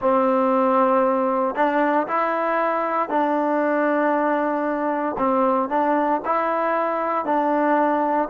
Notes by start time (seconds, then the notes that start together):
0.00 C4
1.55 D4
2.07 E4
3.08 D4
5.18 C4
5.69 D4
6.25 E4
7.25 D4